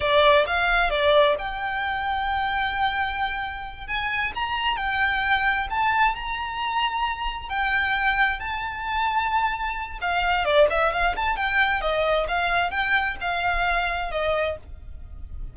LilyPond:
\new Staff \with { instrumentName = "violin" } { \time 4/4 \tempo 4 = 132 d''4 f''4 d''4 g''4~ | g''1~ | g''8 gis''4 ais''4 g''4.~ | g''8 a''4 ais''2~ ais''8~ |
ais''8 g''2 a''4.~ | a''2 f''4 d''8 e''8 | f''8 a''8 g''4 dis''4 f''4 | g''4 f''2 dis''4 | }